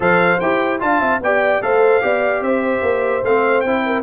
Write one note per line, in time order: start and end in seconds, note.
0.00 0.39 F3
0.00 0.38 A4
0.00 0.81 C5
0.00 0.39 F5
0.39 0.81 E4
0.39 0.79 G4
0.39 0.80 G5
0.79 1.01 D4
0.79 1.20 F4
0.79 1.00 F5
0.79 1.21 A5
1.00 1.20 C4
1.00 1.20 E5
1.20 1.60 B3
1.20 1.62 G4
1.20 1.64 D5
1.20 1.62 G5
1.61 2.02 A3
1.61 2.01 A4
1.61 2.03 C5
1.61 2.43 F5
2.01 2.40 B3
2.01 3.22 G4
2.01 2.43 D5
2.40 2.81 C4
2.40 3.85 C5
2.40 3.24 E5
2.82 3.22 A#3
3.23 3.64 A3
3.23 3.66 C4
3.23 3.60 F5
3.60 4.03 C4
3.60 4.03 E4
3.60 4.01 G5
3.85 4.03 A#4